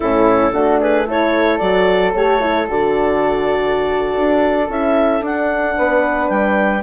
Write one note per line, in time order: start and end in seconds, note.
0.00 0.53 A2
0.00 0.52 C#4
0.00 0.50 E4
0.00 0.80 A4
0.52 1.60 A3
0.52 1.06 D4
0.52 0.79 F#4
0.80 1.06 G#4
0.80 1.08 B4
1.06 1.60 E4
1.06 5.77 A4
1.06 1.58 C#5
1.58 2.14 F#3
1.58 2.13 F#4
1.58 2.11 D5
2.14 2.68 A3
2.14 2.40 G4
2.14 2.68 C#5
2.40 2.67 E4
2.68 4.15 D3
2.68 4.69 F#4
2.68 4.71 D5
4.16 4.69 D4
4.69 5.20 C#4
4.69 5.22 E4
4.69 5.24 E5
5.20 5.74 D4
5.20 6.82 D4
5.20 6.28 F#5
5.77 6.29 B3
5.77 6.83 B4
6.28 6.83 G3
6.28 6.82 G5